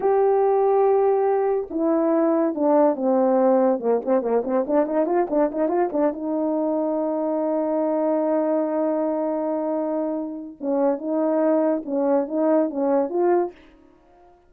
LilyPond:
\new Staff \with { instrumentName = "horn" } { \time 4/4 \tempo 4 = 142 g'1 | e'2 d'4 c'4~ | c'4 ais8 c'8 ais8 c'8 d'8 dis'8 | f'8 d'8 dis'8 f'8 d'8 dis'4.~ |
dis'1~ | dis'1~ | dis'4 cis'4 dis'2 | cis'4 dis'4 cis'4 f'4 | }